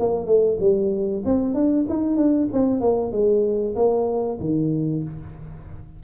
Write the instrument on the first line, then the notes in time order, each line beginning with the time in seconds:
tuba
0.00 A#3
0.27 A3
0.61 G3
1.25 C4
1.54 D4
1.89 D#4
2.17 D4
2.53 C4
2.81 A#3
3.12 G#3
3.76 A#3
4.41 D#3